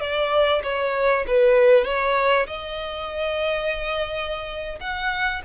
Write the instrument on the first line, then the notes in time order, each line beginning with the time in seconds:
violin
0.00 D5
0.63 C#5
1.27 B4
1.84 C#5
2.47 D#5
4.80 F#5